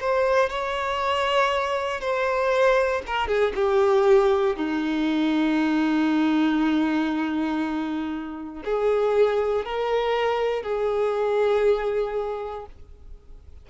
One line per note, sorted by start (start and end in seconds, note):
0.00 0.49 C5
0.49 2.00 C#5
2.00 3.02 C5
3.06 3.27 A#4
3.27 3.52 G#4
3.55 4.56 G4
4.56 8.63 D#4
8.64 9.65 G#4
9.65 10.62 A#4
10.62 12.66 G#4